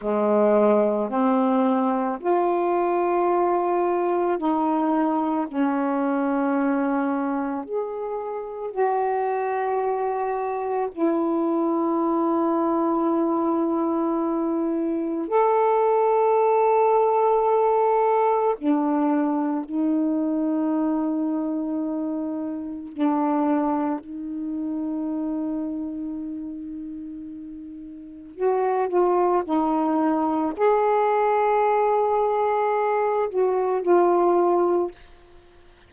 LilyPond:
\new Staff \with { instrumentName = "saxophone" } { \time 4/4 \tempo 4 = 55 gis4 c'4 f'2 | dis'4 cis'2 gis'4 | fis'2 e'2~ | e'2 a'2~ |
a'4 d'4 dis'2~ | dis'4 d'4 dis'2~ | dis'2 fis'8 f'8 dis'4 | gis'2~ gis'8 fis'8 f'4 | }